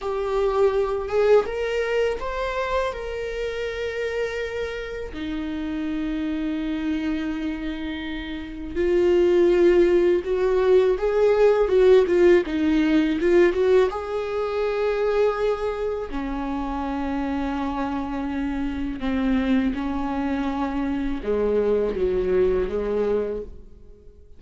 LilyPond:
\new Staff \with { instrumentName = "viola" } { \time 4/4 \tempo 4 = 82 g'4. gis'8 ais'4 c''4 | ais'2. dis'4~ | dis'1 | f'2 fis'4 gis'4 |
fis'8 f'8 dis'4 f'8 fis'8 gis'4~ | gis'2 cis'2~ | cis'2 c'4 cis'4~ | cis'4 gis4 fis4 gis4 | }